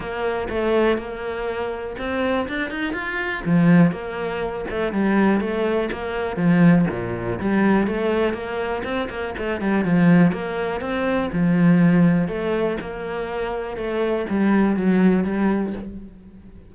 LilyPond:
\new Staff \with { instrumentName = "cello" } { \time 4/4 \tempo 4 = 122 ais4 a4 ais2 | c'4 d'8 dis'8 f'4 f4 | ais4. a8 g4 a4 | ais4 f4 ais,4 g4 |
a4 ais4 c'8 ais8 a8 g8 | f4 ais4 c'4 f4~ | f4 a4 ais2 | a4 g4 fis4 g4 | }